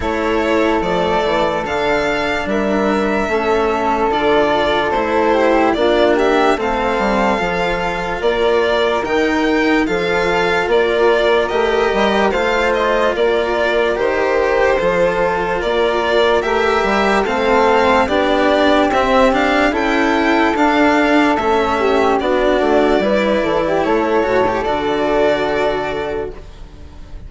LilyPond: <<
  \new Staff \with { instrumentName = "violin" } { \time 4/4 \tempo 4 = 73 cis''4 d''4 f''4 e''4~ | e''4 d''4 c''4 d''8 e''8 | f''2 d''4 g''4 | f''4 d''4 dis''4 f''8 dis''8 |
d''4 c''2 d''4 | e''4 f''4 d''4 e''8 f''8 | g''4 f''4 e''4 d''4~ | d''4 cis''4 d''2 | }
  \new Staff \with { instrumentName = "flute" } { \time 4/4 a'2. ais'4 | a'2~ a'8 g'8 f'8 g'8 | a'2 ais'2 | a'4 ais'2 c''4 |
ais'2 a'4 ais'4~ | ais'4 a'4 g'2 | a'2~ a'8 g'8 fis'4 | b'8 a'16 g'16 a'2. | }
  \new Staff \with { instrumentName = "cello" } { \time 4/4 e'4 a4 d'2 | cis'4 f'4 e'4 d'4 | c'4 f'2 dis'4 | f'2 g'4 f'4~ |
f'4 g'4 f'2 | g'4 c'4 d'4 c'8 d'8 | e'4 d'4 cis'4 d'4 | e'4. fis'16 g'16 fis'2 | }
  \new Staff \with { instrumentName = "bassoon" } { \time 4/4 a4 f8 e8 d4 g4 | a4 d4 a4 ais4 | a8 g8 f4 ais4 dis4 | f4 ais4 a8 g8 a4 |
ais4 dis4 f4 ais4 | a8 g8 a4 b4 c'4 | cis'4 d'4 a4 b8 a8 | g8 e8 a8 a,8 d2 | }
>>